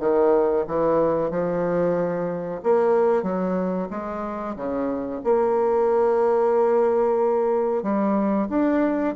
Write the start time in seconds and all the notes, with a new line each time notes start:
0.00 D#3
0.68 E3
1.31 F3
2.64 A#3
3.23 F#3
3.91 G#3
4.56 C#3
5.24 A#3
7.83 G3
8.49 D4